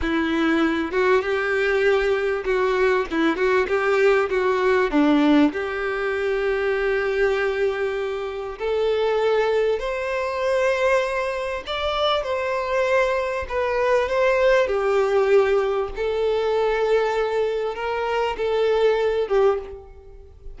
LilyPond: \new Staff \with { instrumentName = "violin" } { \time 4/4 \tempo 4 = 98 e'4. fis'8 g'2 | fis'4 e'8 fis'8 g'4 fis'4 | d'4 g'2.~ | g'2 a'2 |
c''2. d''4 | c''2 b'4 c''4 | g'2 a'2~ | a'4 ais'4 a'4. g'8 | }